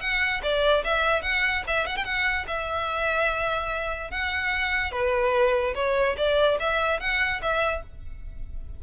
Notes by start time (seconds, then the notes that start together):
0.00 F#5
0.42 D5
0.84 E5
1.22 F#5
1.67 E5
1.86 F#5
1.96 G5
2.04 F#5
2.47 E5
4.10 F#5
4.91 B4
5.75 C#5
6.17 D5
6.59 E5
7.00 F#5
7.42 E5